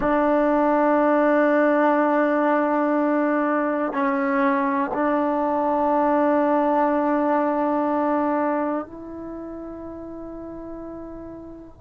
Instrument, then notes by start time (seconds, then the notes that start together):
trombone
0.00 D4
3.92 C#4
4.93 D4
8.85 E4